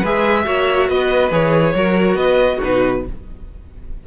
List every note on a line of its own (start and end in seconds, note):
0.00 0.46 G#3
0.00 0.44 G#4
0.00 0.43 B4
0.00 0.88 E5
0.44 0.89 A#3
0.44 1.30 F#4
0.44 0.88 C#5
0.88 1.30 B3
0.88 1.74 B4
0.88 1.31 D#5
1.30 1.73 E3
1.30 1.74 G#4
1.30 2.16 C#5
1.74 2.14 F#3
1.74 2.61 F#4
1.74 2.17 A#4
2.14 2.57 B3
2.14 2.57 B4
2.14 2.59 D#5
2.57 3.05 D#4
2.57 2.99 F#4
2.63 3.07 B2
2.63 3.06 B4